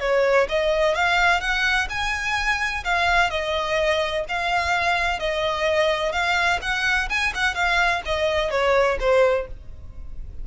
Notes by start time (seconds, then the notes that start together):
0.00 C#5
0.49 D#5
0.94 F5
1.40 F#5
1.89 G#5
2.84 F5
3.30 D#5
4.28 F5
5.19 D#5
6.12 F5
6.61 F#5
7.09 G#5
7.34 F#5
7.54 F5
8.05 D#5
8.50 C#5
8.99 C5